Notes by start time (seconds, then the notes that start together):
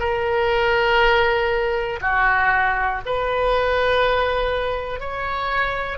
0.00 A#4
2.01 F#4
3.05 B4
5.00 C#5